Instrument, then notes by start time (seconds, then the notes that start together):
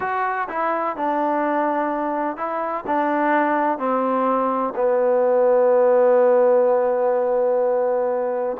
trombone
0.00 F#4
0.48 E4
0.96 D4
2.36 E4
2.86 D4
3.78 C4
4.75 B3